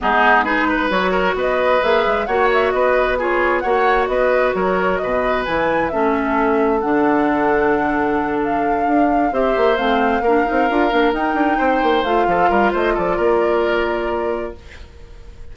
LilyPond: <<
  \new Staff \with { instrumentName = "flute" } { \time 4/4 \tempo 4 = 132 gis'4 b'4 cis''4 dis''4 | e''4 fis''8 e''8 dis''4 cis''4 | fis''4 dis''4 cis''4 dis''4 | gis''4 e''2 fis''4~ |
fis''2~ fis''8 f''4.~ | f''8 e''4 f''2~ f''8~ | f''8 g''2 f''4. | dis''8 d''2.~ d''8 | }
  \new Staff \with { instrumentName = "oboe" } { \time 4/4 dis'4 gis'8 b'4 ais'8 b'4~ | b'4 cis''4 b'4 gis'4 | cis''4 b'4 ais'4 b'4~ | b'4 a'2.~ |
a'1~ | a'8 c''2 ais'4.~ | ais'4. c''4. a'8 ais'8 | c''8 a'8 ais'2. | }
  \new Staff \with { instrumentName = "clarinet" } { \time 4/4 b4 dis'4 fis'2 | gis'4 fis'2 f'4 | fis'1 | e'4 cis'2 d'4~ |
d'1~ | d'8 g'4 c'4 d'8 dis'8 f'8 | d'8 dis'2 f'4.~ | f'1 | }
  \new Staff \with { instrumentName = "bassoon" } { \time 4/4 gis2 fis4 b4 | ais8 gis8 ais4 b2 | ais4 b4 fis4 b,4 | e4 a2 d4~ |
d2.~ d8 d'8~ | d'8 c'8 ais8 a4 ais8 c'8 d'8 | ais8 dis'8 d'8 c'8 ais8 a8 f8 g8 | a8 f8 ais2. | }
>>